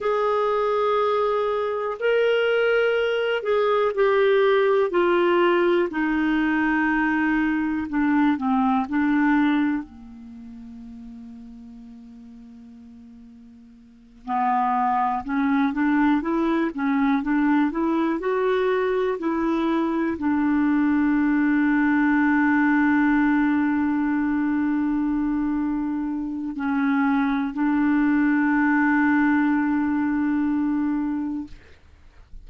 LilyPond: \new Staff \with { instrumentName = "clarinet" } { \time 4/4 \tempo 4 = 61 gis'2 ais'4. gis'8 | g'4 f'4 dis'2 | d'8 c'8 d'4 ais2~ | ais2~ ais8 b4 cis'8 |
d'8 e'8 cis'8 d'8 e'8 fis'4 e'8~ | e'8 d'2.~ d'8~ | d'2. cis'4 | d'1 | }